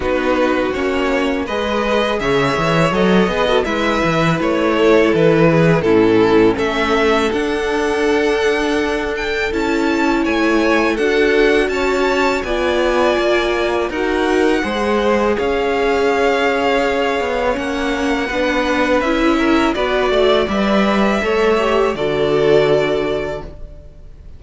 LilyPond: <<
  \new Staff \with { instrumentName = "violin" } { \time 4/4 \tempo 4 = 82 b'4 cis''4 dis''4 e''4 | dis''4 e''4 cis''4 b'4 | a'4 e''4 fis''2~ | fis''8 g''8 a''4 gis''4 fis''4 |
a''4 gis''2 fis''4~ | fis''4 f''2. | fis''2 e''4 d''4 | e''2 d''2 | }
  \new Staff \with { instrumentName = "violin" } { \time 4/4 fis'2 b'4 cis''4~ | cis''8 b'16 a'16 b'4. a'4 gis'8 | e'4 a'2.~ | a'2 cis''4 a'4 |
cis''4 d''2 ais'4 | c''4 cis''2.~ | cis''4 b'4. ais'8 b'8 d''8~ | d''4 cis''4 a'2 | }
  \new Staff \with { instrumentName = "viola" } { \time 4/4 dis'4 cis'4 gis'2 | a'8 gis'16 fis'16 e'2. | cis'2 d'2~ | d'4 e'2 fis'4~ |
fis'4 f'2 fis'4 | gis'1 | cis'4 d'4 e'4 fis'4 | b'4 a'8 g'8 fis'2 | }
  \new Staff \with { instrumentName = "cello" } { \time 4/4 b4 ais4 gis4 cis8 e8 | fis8 b8 gis8 e8 a4 e4 | a,4 a4 d'2~ | d'4 cis'4 a4 d'4 |
cis'4 b4 ais4 dis'4 | gis4 cis'2~ cis'8 b8 | ais4 b4 cis'4 b8 a8 | g4 a4 d2 | }
>>